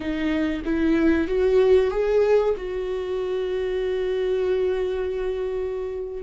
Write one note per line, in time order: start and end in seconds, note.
0.00 0.62 D#4
0.64 1.27 E4
1.27 1.90 F#4
1.90 2.54 G#4
2.56 6.22 F#4